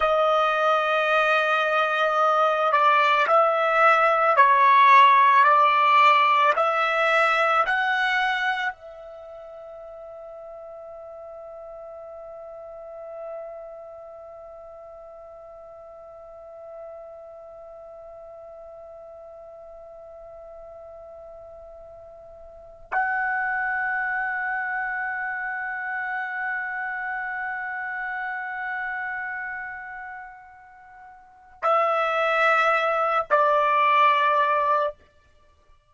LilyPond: \new Staff \with { instrumentName = "trumpet" } { \time 4/4 \tempo 4 = 55 dis''2~ dis''8 d''8 e''4 | cis''4 d''4 e''4 fis''4 | e''1~ | e''1~ |
e''1~ | e''4 fis''2.~ | fis''1~ | fis''4 e''4. d''4. | }